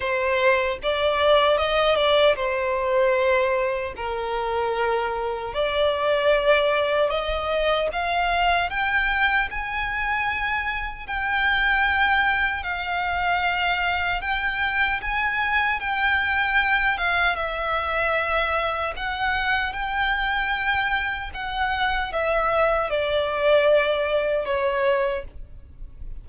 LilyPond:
\new Staff \with { instrumentName = "violin" } { \time 4/4 \tempo 4 = 76 c''4 d''4 dis''8 d''8 c''4~ | c''4 ais'2 d''4~ | d''4 dis''4 f''4 g''4 | gis''2 g''2 |
f''2 g''4 gis''4 | g''4. f''8 e''2 | fis''4 g''2 fis''4 | e''4 d''2 cis''4 | }